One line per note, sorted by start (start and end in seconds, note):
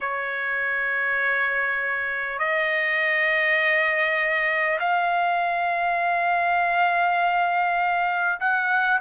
0.01 2.38 C#5
2.38 4.78 D#5
4.79 8.39 F5
8.40 9.00 F#5